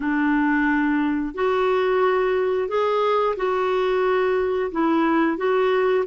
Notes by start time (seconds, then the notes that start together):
0.00 D4
1.34 F#4
2.68 G#4
3.36 F#4
4.71 E4
5.37 F#4